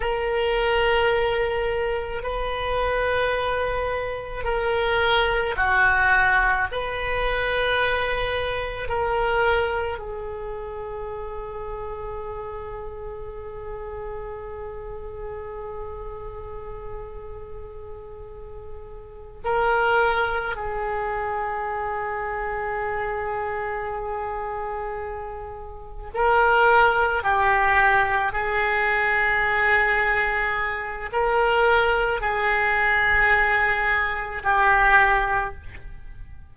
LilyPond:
\new Staff \with { instrumentName = "oboe" } { \time 4/4 \tempo 4 = 54 ais'2 b'2 | ais'4 fis'4 b'2 | ais'4 gis'2.~ | gis'1~ |
gis'4. ais'4 gis'4.~ | gis'2.~ gis'8 ais'8~ | ais'8 g'4 gis'2~ gis'8 | ais'4 gis'2 g'4 | }